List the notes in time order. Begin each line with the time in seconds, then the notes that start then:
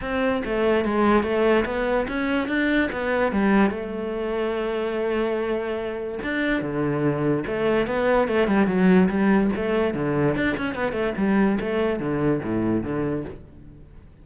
0.01 C4
0.44 A3
0.84 G#3
1.23 A3
1.65 B3
2.08 C#4
2.48 D4
2.92 B3
3.32 G3
3.70 A3
6.23 D4
6.61 D3
7.46 A3
7.86 B3
8.28 A3
8.47 G3
8.67 F#3
9.08 G3
9.55 A3
9.94 D3
10.35 D4
10.57 C#4
10.74 B3
10.92 A3
11.17 G3
11.60 A3
11.99 D3
12.43 A2
12.83 D3